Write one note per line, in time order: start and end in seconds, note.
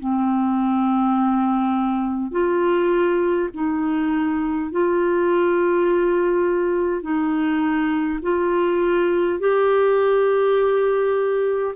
0.00 2.32 C4
2.32 3.50 F4
3.55 4.72 D#4
4.72 7.02 F4
7.02 8.20 D#4
8.23 9.40 F4
9.40 11.75 G4